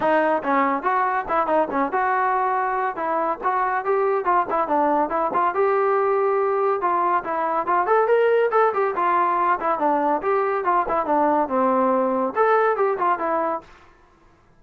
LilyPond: \new Staff \with { instrumentName = "trombone" } { \time 4/4 \tempo 4 = 141 dis'4 cis'4 fis'4 e'8 dis'8 | cis'8 fis'2~ fis'8 e'4 | fis'4 g'4 f'8 e'8 d'4 | e'8 f'8 g'2. |
f'4 e'4 f'8 a'8 ais'4 | a'8 g'8 f'4. e'8 d'4 | g'4 f'8 e'8 d'4 c'4~ | c'4 a'4 g'8 f'8 e'4 | }